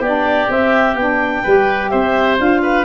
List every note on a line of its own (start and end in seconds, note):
0.00 0.47 B3
0.00 0.47 D4
0.00 1.42 G4
0.00 0.51 D5
0.47 0.94 C4
0.47 0.95 C4
0.47 0.96 E5
0.95 1.42 B3
0.95 1.46 D4
0.95 1.89 G5
1.43 1.93 G3
1.43 2.38 G4
1.43 1.90 B4
1.89 2.39 C4
1.89 2.62 C5
1.89 2.37 E5
2.38 2.84 D4
2.38 2.84 F4
2.38 2.84 F5
2.62 2.84 B4